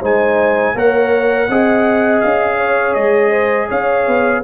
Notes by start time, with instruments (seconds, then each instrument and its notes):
0.00 tuba G#3, trombone D#4, horn C5, trumpet G#5
0.74 tuba A#3, trombone A#4, horn C#5, trumpet F#5
1.48 tuba C4, trombone G#4, horn D#5
2.20 tuba C#4, trumpet F5
2.57 horn C#5
2.93 tuba G#3, trumpet D#5
3.30 horn C5
3.68 tuba C#4, horn C#5, trumpet F5
4.07 tuba B3